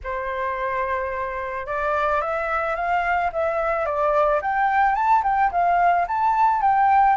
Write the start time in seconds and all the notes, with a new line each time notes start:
0.03 C5
1.66 D5
2.21 E5
2.75 F5
3.32 E5
3.85 D5
4.41 G5
4.95 A5
5.23 G5
5.51 F5
6.07 A5
6.61 G5